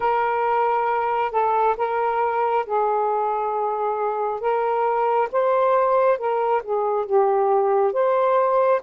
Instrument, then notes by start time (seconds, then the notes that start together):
saxophone
0.00 A#4
1.31 A4
1.77 A#4
2.66 G#4
4.40 A#4
5.32 C5
6.18 A#4
6.63 G#4
7.05 G4
7.93 C5